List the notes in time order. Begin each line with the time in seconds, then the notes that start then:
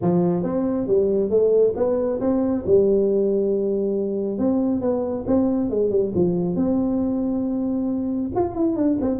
0.01 F3
0.43 C4
0.87 G3
1.30 A3
1.76 B3
2.20 C4
2.66 G3
4.38 C4
4.81 B3
5.26 C4
5.69 G#3
5.90 G3
6.14 F3
6.55 C4
8.35 F4
8.55 E4
8.76 D4
9.01 C4